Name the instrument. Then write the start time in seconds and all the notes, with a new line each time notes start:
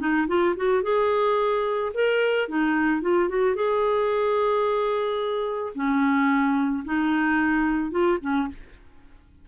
clarinet
0.00 D#4
0.28 F4
0.57 F#4
0.83 G#4
1.94 A#4
2.49 D#4
3.02 F4
3.29 F#4
3.56 G#4
5.75 C#4
6.85 D#4
7.91 F4
8.21 C#4